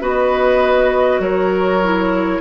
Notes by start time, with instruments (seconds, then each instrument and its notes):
0.00 bassoon B3, clarinet F#4, oboe B4, flute D#5
1.19 bassoon F#3, oboe A#4, flute C#5
1.83 clarinet E4